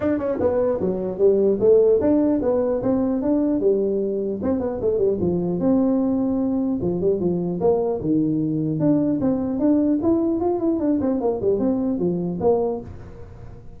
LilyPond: \new Staff \with { instrumentName = "tuba" } { \time 4/4 \tempo 4 = 150 d'8 cis'8 b4 fis4 g4 | a4 d'4 b4 c'4 | d'4 g2 c'8 b8 | a8 g8 f4 c'2~ |
c'4 f8 g8 f4 ais4 | dis2 d'4 c'4 | d'4 e'4 f'8 e'8 d'8 c'8 | ais8 g8 c'4 f4 ais4 | }